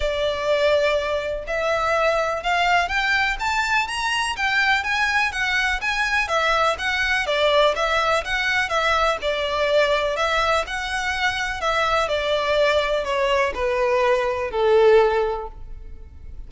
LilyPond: \new Staff \with { instrumentName = "violin" } { \time 4/4 \tempo 4 = 124 d''2. e''4~ | e''4 f''4 g''4 a''4 | ais''4 g''4 gis''4 fis''4 | gis''4 e''4 fis''4 d''4 |
e''4 fis''4 e''4 d''4~ | d''4 e''4 fis''2 | e''4 d''2 cis''4 | b'2 a'2 | }